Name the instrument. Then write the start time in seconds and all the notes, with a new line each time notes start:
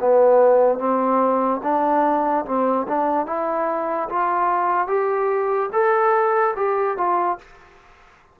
trombone
0.00 B3
0.79 C4
1.63 D4
2.46 C4
2.88 D4
3.27 E4
4.09 F4
4.88 G4
5.73 A4
6.56 G4
6.98 F4